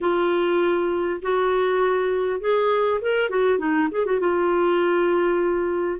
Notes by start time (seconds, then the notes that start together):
0.00 F4
1.22 F#4
2.40 G#4
3.01 A#4
3.29 F#4
3.58 D#4
3.91 G#4
4.05 F#4
4.20 F4